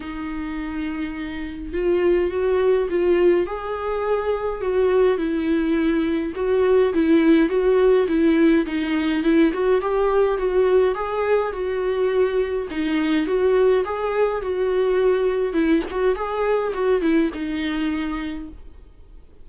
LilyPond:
\new Staff \with { instrumentName = "viola" } { \time 4/4 \tempo 4 = 104 dis'2. f'4 | fis'4 f'4 gis'2 | fis'4 e'2 fis'4 | e'4 fis'4 e'4 dis'4 |
e'8 fis'8 g'4 fis'4 gis'4 | fis'2 dis'4 fis'4 | gis'4 fis'2 e'8 fis'8 | gis'4 fis'8 e'8 dis'2 | }